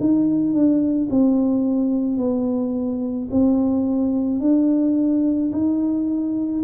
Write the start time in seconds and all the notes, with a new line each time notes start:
0.00 D#4
0.53 D4
1.10 C4
2.17 B3
3.31 C4
4.40 D4
5.52 D#4